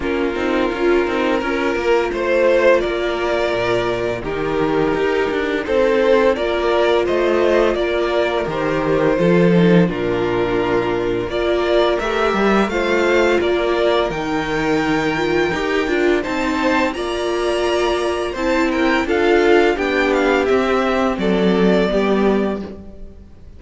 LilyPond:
<<
  \new Staff \with { instrumentName = "violin" } { \time 4/4 \tempo 4 = 85 ais'2. c''4 | d''2 ais'2 | c''4 d''4 dis''4 d''4 | c''2 ais'2 |
d''4 e''4 f''4 d''4 | g''2. a''4 | ais''2 a''8 g''8 f''4 | g''8 f''8 e''4 d''2 | }
  \new Staff \with { instrumentName = "violin" } { \time 4/4 f'2 ais'4 c''4 | ais'2 g'2 | a'4 ais'4 c''4 ais'4~ | ais'4 a'4 f'2 |
ais'2 c''4 ais'4~ | ais'2. c''4 | d''2 c''8 ais'8 a'4 | g'2 a'4 g'4 | }
  \new Staff \with { instrumentName = "viola" } { \time 4/4 cis'8 dis'8 f'8 dis'8 f'2~ | f'2 dis'2~ | dis'4 f'2. | g'4 f'8 dis'8 d'2 |
f'4 g'4 f'2 | dis'4. f'8 g'8 f'8 dis'4 | f'2 e'4 f'4 | d'4 c'2 b4 | }
  \new Staff \with { instrumentName = "cello" } { \time 4/4 ais8 c'8 cis'8 c'8 cis'8 ais8 a4 | ais4 ais,4 dis4 dis'8 d'8 | c'4 ais4 a4 ais4 | dis4 f4 ais,2 |
ais4 a8 g8 a4 ais4 | dis2 dis'8 d'8 c'4 | ais2 c'4 d'4 | b4 c'4 fis4 g4 | }
>>